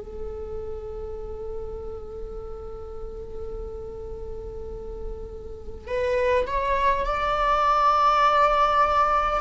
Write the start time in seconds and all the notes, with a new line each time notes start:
0.00 A4
5.87 B4
6.46 C#5
7.05 D5